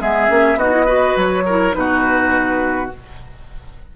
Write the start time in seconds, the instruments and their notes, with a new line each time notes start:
0.00 bassoon G#3, clarinet B3, oboe G#4, flute E5
0.29 bassoon A#3, clarinet C#4
0.56 bassoon B3, clarinet D#4, oboe F#4, flute D#5
0.72 clarinet E4
0.86 clarinet F#4, oboe B4
1.17 bassoon F#3, flute C#5
1.46 clarinet E4, oboe A#4
1.72 bassoon B2, clarinet D#4, flute B4
1.79 oboe F#4